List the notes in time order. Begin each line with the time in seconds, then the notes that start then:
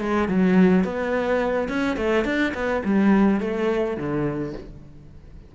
0.00 G#3
0.28 F#3
0.84 B3
1.69 C#4
1.96 A3
2.24 D4
2.54 B3
2.85 G3
3.40 A3
3.97 D3